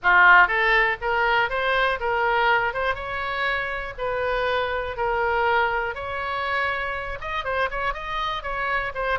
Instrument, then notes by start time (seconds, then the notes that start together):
oboe
0.02 F4
0.47 A4
1.01 A#4
1.49 C5
2.00 A#4
2.73 C5
2.94 C#5
3.98 B4
4.97 A#4
5.94 C#5
7.20 D#5
7.44 C5
7.70 C#5
7.93 D#5
8.43 C#5
8.94 C5